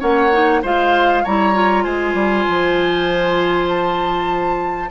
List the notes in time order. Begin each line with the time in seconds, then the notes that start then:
0.00 A#3 C#4 C#5 F#5
0.32 D#4
0.62 G#3 F4 C5 F5
1.23 G3 E4 C#5 A#5
1.54 F4
1.84 G#3 C5 G#5
2.14 G3
2.49 F3
3.69 A5